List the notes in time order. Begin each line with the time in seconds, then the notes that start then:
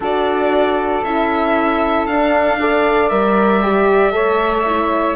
0.00 D4 F#4 A4 D5
1.03 C#4 E4 E5
2.06 D4 F5
2.59 A4 D5
3.09 G3 A#4 E5
3.62 G4
4.12 A3 A4 C#5
4.66 E4